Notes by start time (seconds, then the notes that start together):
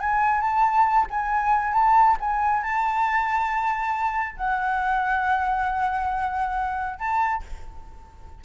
0.00 G#5
0.41 A5
1.10 G#5
1.73 A5
2.20 G#5
2.63 A5
4.36 F#5
6.99 A5